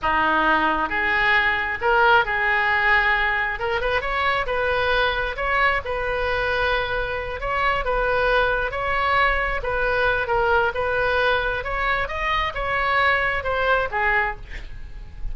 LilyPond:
\new Staff \with { instrumentName = "oboe" } { \time 4/4 \tempo 4 = 134 dis'2 gis'2 | ais'4 gis'2. | ais'8 b'8 cis''4 b'2 | cis''4 b'2.~ |
b'8 cis''4 b'2 cis''8~ | cis''4. b'4. ais'4 | b'2 cis''4 dis''4 | cis''2 c''4 gis'4 | }